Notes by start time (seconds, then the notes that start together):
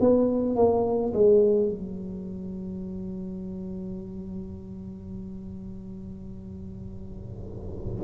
0.00 B3
0.56 A#3
1.14 G#3
1.69 F#3